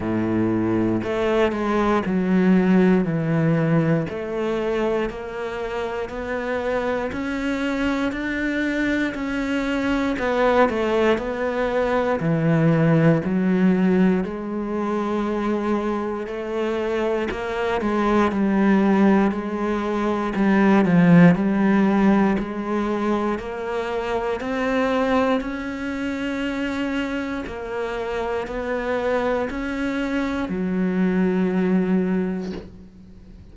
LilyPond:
\new Staff \with { instrumentName = "cello" } { \time 4/4 \tempo 4 = 59 a,4 a8 gis8 fis4 e4 | a4 ais4 b4 cis'4 | d'4 cis'4 b8 a8 b4 | e4 fis4 gis2 |
a4 ais8 gis8 g4 gis4 | g8 f8 g4 gis4 ais4 | c'4 cis'2 ais4 | b4 cis'4 fis2 | }